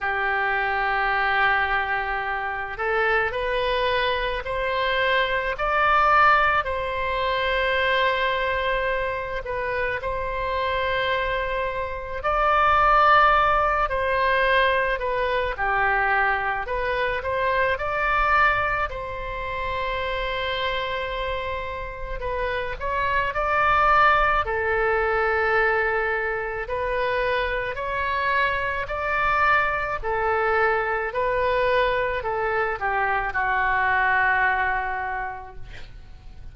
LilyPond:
\new Staff \with { instrumentName = "oboe" } { \time 4/4 \tempo 4 = 54 g'2~ g'8 a'8 b'4 | c''4 d''4 c''2~ | c''8 b'8 c''2 d''4~ | d''8 c''4 b'8 g'4 b'8 c''8 |
d''4 c''2. | b'8 cis''8 d''4 a'2 | b'4 cis''4 d''4 a'4 | b'4 a'8 g'8 fis'2 | }